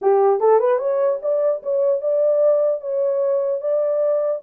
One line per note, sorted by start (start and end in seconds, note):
0.01 0.40 G4
0.40 0.59 A4
0.59 0.78 B4
0.78 1.18 C#5
1.22 1.62 D5
1.62 2.01 C#5
2.01 2.81 D5
2.81 3.60 C#5
3.60 4.41 D5